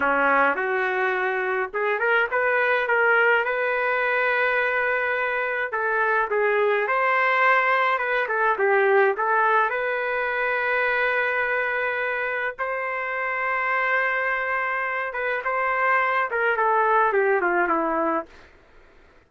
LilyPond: \new Staff \with { instrumentName = "trumpet" } { \time 4/4 \tempo 4 = 105 cis'4 fis'2 gis'8 ais'8 | b'4 ais'4 b'2~ | b'2 a'4 gis'4 | c''2 b'8 a'8 g'4 |
a'4 b'2.~ | b'2 c''2~ | c''2~ c''8 b'8 c''4~ | c''8 ais'8 a'4 g'8 f'8 e'4 | }